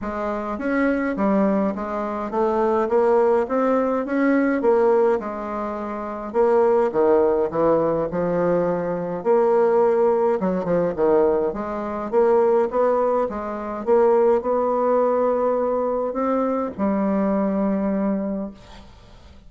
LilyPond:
\new Staff \with { instrumentName = "bassoon" } { \time 4/4 \tempo 4 = 104 gis4 cis'4 g4 gis4 | a4 ais4 c'4 cis'4 | ais4 gis2 ais4 | dis4 e4 f2 |
ais2 fis8 f8 dis4 | gis4 ais4 b4 gis4 | ais4 b2. | c'4 g2. | }